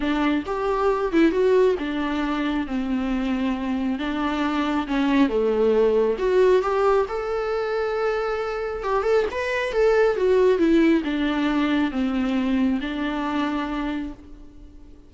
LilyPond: \new Staff \with { instrumentName = "viola" } { \time 4/4 \tempo 4 = 136 d'4 g'4. e'8 fis'4 | d'2 c'2~ | c'4 d'2 cis'4 | a2 fis'4 g'4 |
a'1 | g'8 a'8 b'4 a'4 fis'4 | e'4 d'2 c'4~ | c'4 d'2. | }